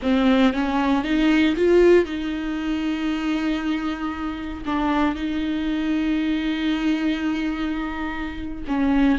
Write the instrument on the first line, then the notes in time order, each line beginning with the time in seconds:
viola
0.02 C4
0.53 C#4
1.04 D#4
1.55 F4
2.05 D#4
4.65 D4
5.15 D#4
8.67 C#4